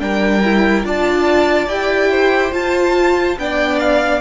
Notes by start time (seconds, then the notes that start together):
0.00 G3 D4 A#4 G5
0.44 E4
0.84 D4 F4 D5 A5
1.67 E4 G4 G5
2.11 C5
2.53 F4 A5
3.38 B3 D4 D5 G5
3.80 F5